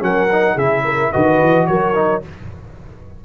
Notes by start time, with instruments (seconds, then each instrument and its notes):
0.00 tuba F#3, trombone C#4, horn A#4, trumpet F#5
0.32 trombone D#4
0.55 tuba C#3, trombone E4, horn G#4, trumpet E5
0.85 horn A#4
1.12 tuba D#3, trombone F#4, horn B4, trumpet D#5
1.42 tuba E3
1.67 tuba F#3, horn A#4, trumpet C#5
1.94 trombone D#4